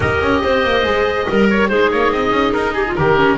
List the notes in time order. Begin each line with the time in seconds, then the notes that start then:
0.00 D#4 G4 A#4 D#5
0.21 C#4
0.43 C4 C5
0.63 A#3
0.83 G#3 G#4
1.28 G3 A#4
1.50 C#5
1.68 G#3 D#4 G#4 C5
1.91 A#3 C#5
2.11 C4 D#5
2.31 C#4
2.52 D#4 A#4
2.73 G4 G#4
2.87 F4
2.95 D#3 G4 A#4
3.16 C#4